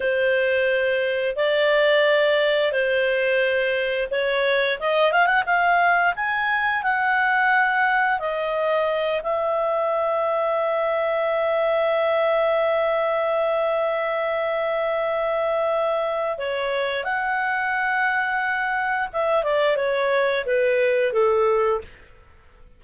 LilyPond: \new Staff \with { instrumentName = "clarinet" } { \time 4/4 \tempo 4 = 88 c''2 d''2 | c''2 cis''4 dis''8 f''16 fis''16 | f''4 gis''4 fis''2 | dis''4. e''2~ e''8~ |
e''1~ | e''1 | cis''4 fis''2. | e''8 d''8 cis''4 b'4 a'4 | }